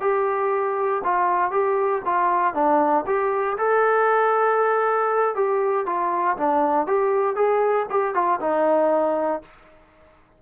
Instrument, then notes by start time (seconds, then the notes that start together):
trombone
0.00 G4
1.03 F4
1.51 G4
2.05 F4
2.54 D4
3.06 G4
3.57 A4
5.35 G4
5.86 F4
6.37 D4
6.87 G4
7.35 G#4
7.90 G4
8.14 F4
8.40 D#4